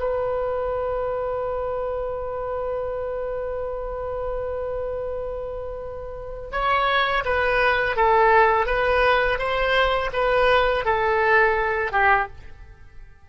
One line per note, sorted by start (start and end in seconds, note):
0.00 6.51 B4
6.52 7.24 C#5
7.26 7.96 B4
7.96 8.66 A4
8.66 9.39 B4
9.39 10.11 C5
10.13 10.85 B4
10.85 11.92 A4
11.92 12.28 G4